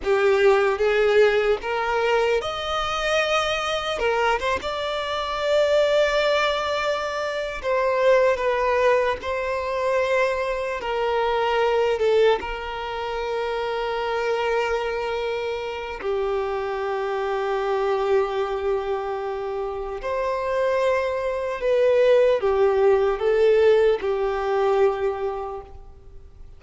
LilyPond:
\new Staff \with { instrumentName = "violin" } { \time 4/4 \tempo 4 = 75 g'4 gis'4 ais'4 dis''4~ | dis''4 ais'8 c''16 d''2~ d''16~ | d''4. c''4 b'4 c''8~ | c''4. ais'4. a'8 ais'8~ |
ais'1 | g'1~ | g'4 c''2 b'4 | g'4 a'4 g'2 | }